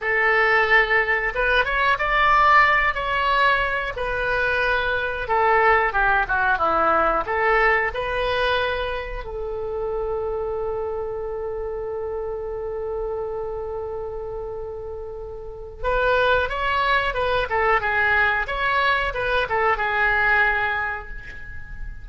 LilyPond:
\new Staff \with { instrumentName = "oboe" } { \time 4/4 \tempo 4 = 91 a'2 b'8 cis''8 d''4~ | d''8 cis''4. b'2 | a'4 g'8 fis'8 e'4 a'4 | b'2 a'2~ |
a'1~ | a'1 | b'4 cis''4 b'8 a'8 gis'4 | cis''4 b'8 a'8 gis'2 | }